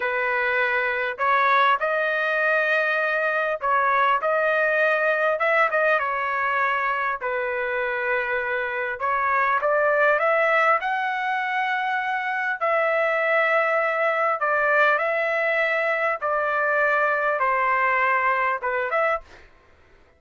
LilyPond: \new Staff \with { instrumentName = "trumpet" } { \time 4/4 \tempo 4 = 100 b'2 cis''4 dis''4~ | dis''2 cis''4 dis''4~ | dis''4 e''8 dis''8 cis''2 | b'2. cis''4 |
d''4 e''4 fis''2~ | fis''4 e''2. | d''4 e''2 d''4~ | d''4 c''2 b'8 e''8 | }